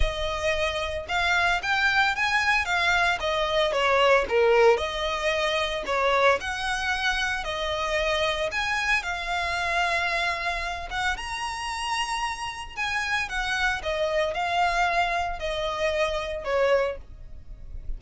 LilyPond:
\new Staff \with { instrumentName = "violin" } { \time 4/4 \tempo 4 = 113 dis''2 f''4 g''4 | gis''4 f''4 dis''4 cis''4 | ais'4 dis''2 cis''4 | fis''2 dis''2 |
gis''4 f''2.~ | f''8 fis''8 ais''2. | gis''4 fis''4 dis''4 f''4~ | f''4 dis''2 cis''4 | }